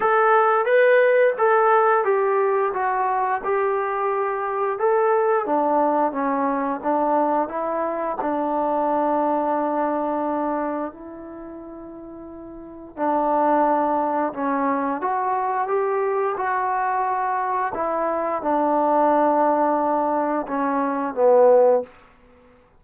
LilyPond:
\new Staff \with { instrumentName = "trombone" } { \time 4/4 \tempo 4 = 88 a'4 b'4 a'4 g'4 | fis'4 g'2 a'4 | d'4 cis'4 d'4 e'4 | d'1 |
e'2. d'4~ | d'4 cis'4 fis'4 g'4 | fis'2 e'4 d'4~ | d'2 cis'4 b4 | }